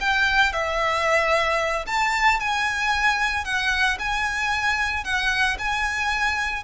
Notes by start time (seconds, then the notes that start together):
0.00 G5
0.52 E5
1.86 A5
2.40 G#5
3.44 F#5
3.99 G#5
5.04 F#5
5.58 G#5